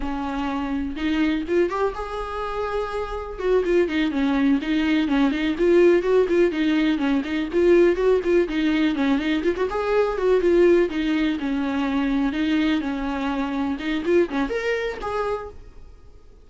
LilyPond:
\new Staff \with { instrumentName = "viola" } { \time 4/4 \tempo 4 = 124 cis'2 dis'4 f'8 g'8 | gis'2. fis'8 f'8 | dis'8 cis'4 dis'4 cis'8 dis'8 f'8~ | f'8 fis'8 f'8 dis'4 cis'8 dis'8 f'8~ |
f'8 fis'8 f'8 dis'4 cis'8 dis'8 f'16 fis'16 | gis'4 fis'8 f'4 dis'4 cis'8~ | cis'4. dis'4 cis'4.~ | cis'8 dis'8 f'8 cis'8 ais'4 gis'4 | }